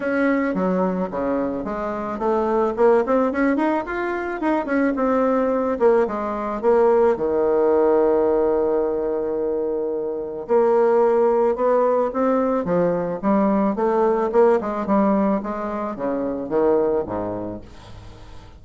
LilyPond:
\new Staff \with { instrumentName = "bassoon" } { \time 4/4 \tempo 4 = 109 cis'4 fis4 cis4 gis4 | a4 ais8 c'8 cis'8 dis'8 f'4 | dis'8 cis'8 c'4. ais8 gis4 | ais4 dis2.~ |
dis2. ais4~ | ais4 b4 c'4 f4 | g4 a4 ais8 gis8 g4 | gis4 cis4 dis4 gis,4 | }